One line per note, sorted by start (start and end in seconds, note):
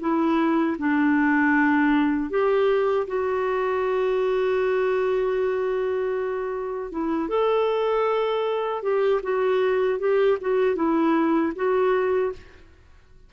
0.00 0.77 E4
0.78 2.30 D4
2.30 3.07 G4
3.07 6.92 F#4
6.92 7.29 E4
7.29 8.83 A4
8.83 9.21 G4
9.23 9.99 F#4
9.99 10.38 G4
10.41 10.76 F#4
10.76 11.53 E4
11.56 12.33 F#4